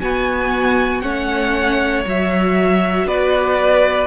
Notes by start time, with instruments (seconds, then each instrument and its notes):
0.00 cello B3, viola B3, violin F#4 G#5
1.01 cello A3, viola C#4, violin C#5 F#5
2.04 cello F#3, viola F#4, violin E5
3.05 cello B3, violin B4 D5